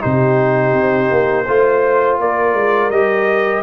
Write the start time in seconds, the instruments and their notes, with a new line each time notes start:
0.00 tuba C3, trombone D#4, horn G4, trumpet C5
0.73 tuba C4
1.11 tuba A#3
1.45 tuba A3, trombone F4, horn C5
2.19 tuba A#3, horn A#4, trumpet D5
2.54 tuba G#3
2.89 tuba G3, trombone G4, trumpet D#5